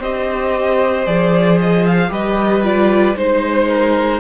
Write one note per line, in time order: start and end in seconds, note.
0.00 1.06 C4
0.00 1.06 G4
0.00 2.11 C5
0.00 1.06 D#5
1.06 2.10 F3
1.06 2.09 G#4
1.06 1.59 D5
1.61 1.87 D#5
1.87 2.13 F5
2.09 3.15 G3
2.09 2.62 G4
2.09 3.17 B4
2.09 2.65 D#5
2.64 3.16 F4
2.64 3.18 D5
3.16 4.20 G#3
3.16 4.20 D#4
3.16 3.69 C5
3.16 4.20 C5
3.69 4.20 A#4